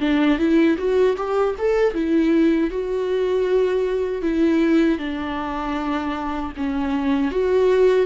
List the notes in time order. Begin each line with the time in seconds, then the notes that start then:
0.00 D4
0.38 E4
0.78 F#4
1.17 G4
1.58 A4
1.94 E4
2.70 F#4
4.22 E4
4.98 D4
6.57 C#4
7.31 F#4